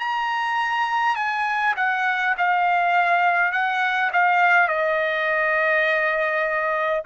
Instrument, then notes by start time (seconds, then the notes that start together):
trumpet
0.00 A#5
1.16 G#5
1.77 F#5
2.38 F5
3.52 F#5
4.13 F5
4.68 D#5